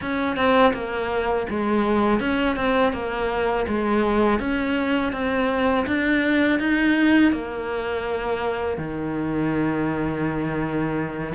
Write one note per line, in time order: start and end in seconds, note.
0.01 0.36 C#4
0.36 0.73 C4
0.73 1.46 A#3
1.49 2.20 G#3
2.20 2.56 C#4
2.56 2.92 C4
2.92 3.66 A#3
3.67 4.39 G#3
4.39 5.12 C#4
5.12 5.85 C4
5.86 6.59 D4
6.59 7.32 D#4
7.32 8.77 A#3
8.77 11.33 D#3